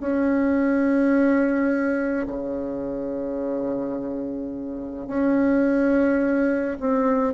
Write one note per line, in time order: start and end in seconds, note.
0.00 2.26 C#4
2.27 5.07 C#3
5.07 6.77 C#4
6.80 7.34 C4